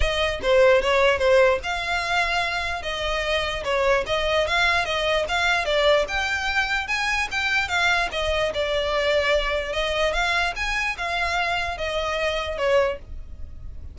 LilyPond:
\new Staff \with { instrumentName = "violin" } { \time 4/4 \tempo 4 = 148 dis''4 c''4 cis''4 c''4 | f''2. dis''4~ | dis''4 cis''4 dis''4 f''4 | dis''4 f''4 d''4 g''4~ |
g''4 gis''4 g''4 f''4 | dis''4 d''2. | dis''4 f''4 gis''4 f''4~ | f''4 dis''2 cis''4 | }